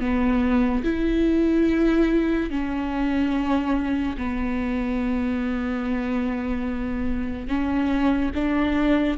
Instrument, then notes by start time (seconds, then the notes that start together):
viola
0.00 B3
0.84 E4
2.50 C#4
4.17 B3
7.48 C#4
8.34 D4